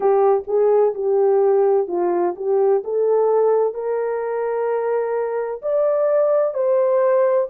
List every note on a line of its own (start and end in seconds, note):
0.00 0.43 G4
0.47 0.94 G#4
0.94 1.87 G4
1.87 2.34 F4
2.36 2.83 G4
2.84 3.74 A4
3.74 5.61 A#4
5.62 6.54 D5
6.54 7.47 C5